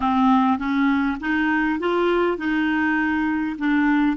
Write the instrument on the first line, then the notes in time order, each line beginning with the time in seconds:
clarinet
0.00 C4
0.58 C#4
1.20 D#4
1.79 F4
2.37 D#4
3.58 D4